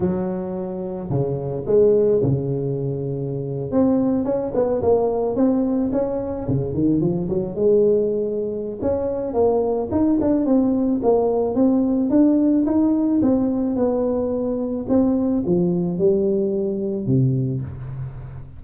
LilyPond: \new Staff \with { instrumentName = "tuba" } { \time 4/4 \tempo 4 = 109 fis2 cis4 gis4 | cis2~ cis8. c'4 cis'16~ | cis'16 b8 ais4 c'4 cis'4 cis16~ | cis16 dis8 f8 fis8 gis2~ gis16 |
cis'4 ais4 dis'8 d'8 c'4 | ais4 c'4 d'4 dis'4 | c'4 b2 c'4 | f4 g2 c4 | }